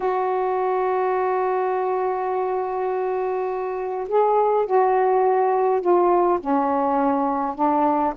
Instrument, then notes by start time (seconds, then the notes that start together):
saxophone
0.00 F#4
4.08 G#4
4.65 F#4
5.81 F4
6.39 C#4
7.55 D4